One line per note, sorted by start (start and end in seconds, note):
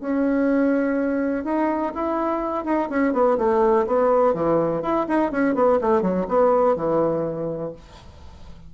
0.00 1.44 C#4
1.44 1.92 D#4
1.94 2.64 E4
2.64 2.88 D#4
2.89 3.13 C#4
3.13 3.37 B3
3.38 3.86 A3
3.86 4.34 B3
4.34 4.82 E3
4.82 5.06 E4
5.08 5.31 D#4
5.31 5.54 C#4
5.54 5.79 B3
5.81 6.02 A3
6.02 6.26 F#3
6.28 6.76 B3
6.76 7.72 E3